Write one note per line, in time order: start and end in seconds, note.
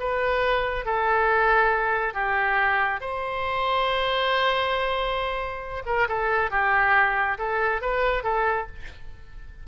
0.00 0.85 B4
0.85 2.14 A4
2.14 3.01 G4
3.01 5.83 C5
5.86 6.08 A#4
6.08 6.51 A4
6.51 7.38 G4
7.38 7.81 A4
7.81 8.23 B4
8.23 8.67 A4